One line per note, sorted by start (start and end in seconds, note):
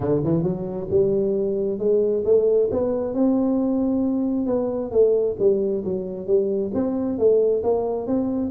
0.00 0.22 D3
0.23 0.43 E3
0.43 0.88 F#3
0.90 1.78 G3
1.78 2.23 G#3
2.24 2.69 A3
2.71 3.13 B3
3.13 4.46 C4
4.46 4.91 B3
4.91 5.35 A3
5.39 5.84 G3
5.84 6.26 F#3
6.26 6.71 G3
6.73 7.18 C4
7.18 7.63 A3
7.63 8.06 A#3
8.06 8.51 C4